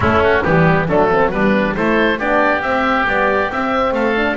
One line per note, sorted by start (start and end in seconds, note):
0.00 0.42 A3
0.00 0.45 A3
0.00 0.43 C#4
0.00 0.22 E4
0.23 0.42 F#4
0.42 0.88 E3
0.42 0.87 G3
0.42 0.87 B3
0.42 0.86 G4
0.87 1.31 F#3
0.87 1.31 A3
0.87 1.09 D4
0.87 1.30 A4
1.11 1.30 C4
1.30 1.75 G3
1.30 1.74 B3
1.30 1.76 D4
1.30 1.74 B4
1.74 2.19 A3
1.74 2.18 E4
1.74 2.18 A4
1.74 2.19 C5
2.18 2.62 B3
2.18 2.62 D4
2.18 3.93 G4
2.18 2.62 D5
2.62 3.06 C4
2.62 3.06 E5
3.06 3.50 G3
3.06 3.51 B3
3.06 3.52 D5
3.50 4.16 C4
3.50 3.91 C4
3.50 3.94 E5
3.91 4.35 A3
3.91 4.37 A4
3.91 4.37 F5
4.16 4.37 D4